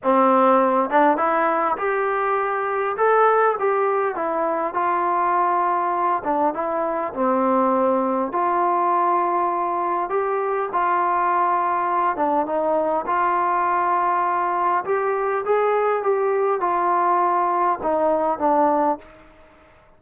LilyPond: \new Staff \with { instrumentName = "trombone" } { \time 4/4 \tempo 4 = 101 c'4. d'8 e'4 g'4~ | g'4 a'4 g'4 e'4 | f'2~ f'8 d'8 e'4 | c'2 f'2~ |
f'4 g'4 f'2~ | f'8 d'8 dis'4 f'2~ | f'4 g'4 gis'4 g'4 | f'2 dis'4 d'4 | }